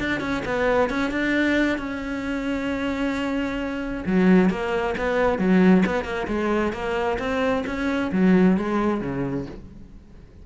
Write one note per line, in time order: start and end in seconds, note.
0.00 0.21 D4
0.21 0.43 C#4
0.46 0.90 B3
0.90 1.11 C#4
1.11 1.78 D4
1.78 4.04 C#4
4.06 4.50 F#3
4.50 4.95 A#3
4.98 5.39 B3
5.39 5.84 F#3
5.86 6.05 B3
6.05 6.27 A#3
6.28 6.73 G#3
6.73 7.18 A#3
7.19 7.64 C4
7.67 8.12 C#4
8.12 8.57 F#3
8.57 9.01 G#3
9.01 9.46 C#3